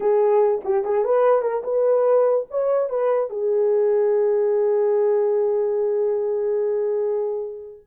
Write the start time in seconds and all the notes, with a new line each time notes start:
0.00 G#4
0.64 G4
0.84 G#4
1.04 B4
1.42 A#4
1.63 B4
2.50 C#5
2.89 B4
3.30 G#4